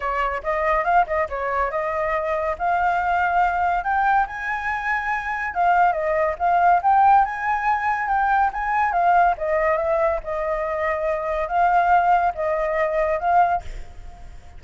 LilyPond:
\new Staff \with { instrumentName = "flute" } { \time 4/4 \tempo 4 = 141 cis''4 dis''4 f''8 dis''8 cis''4 | dis''2 f''2~ | f''4 g''4 gis''2~ | gis''4 f''4 dis''4 f''4 |
g''4 gis''2 g''4 | gis''4 f''4 dis''4 e''4 | dis''2. f''4~ | f''4 dis''2 f''4 | }